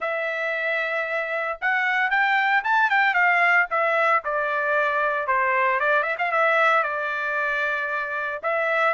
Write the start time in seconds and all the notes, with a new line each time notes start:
0.00 E5
1.61 F#5
2.10 G5
2.64 A5
2.89 G5
3.14 F5
3.70 E5
4.24 D5
5.27 C5
5.80 D5
6.02 E5
6.18 F5
6.31 E5
6.83 D5
8.42 E5